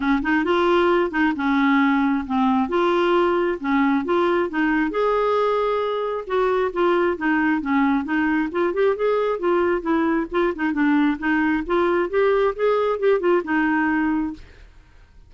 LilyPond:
\new Staff \with { instrumentName = "clarinet" } { \time 4/4 \tempo 4 = 134 cis'8 dis'8 f'4. dis'8 cis'4~ | cis'4 c'4 f'2 | cis'4 f'4 dis'4 gis'4~ | gis'2 fis'4 f'4 |
dis'4 cis'4 dis'4 f'8 g'8 | gis'4 f'4 e'4 f'8 dis'8 | d'4 dis'4 f'4 g'4 | gis'4 g'8 f'8 dis'2 | }